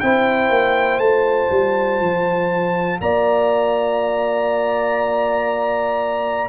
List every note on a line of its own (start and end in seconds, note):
0.00 0.50 C4
0.00 1.02 E4
0.00 3.02 C5
0.00 0.99 G5
0.50 0.99 A#3
0.99 1.49 A3
0.99 6.49 F4
0.99 2.99 A5
1.50 2.00 G3
2.00 3.00 F3
3.01 6.49 A#3
3.01 6.49 D5
3.01 6.49 A#5